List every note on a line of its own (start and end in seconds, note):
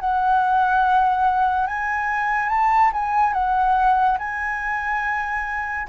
0.00 1.67 F#5
1.67 2.49 G#5
2.49 2.91 A5
2.93 3.33 G#5
3.33 4.18 F#5
4.19 5.88 G#5